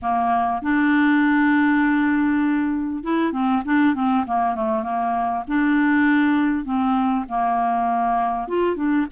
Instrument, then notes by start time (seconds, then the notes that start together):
clarinet
0.02 A#3
0.62 D4
3.03 E4
3.32 C4
3.65 D4
3.94 C4
4.26 A#3
4.55 A3
4.83 A#3
5.47 D4
6.64 C4
7.28 A#3
8.48 F4
8.76 D4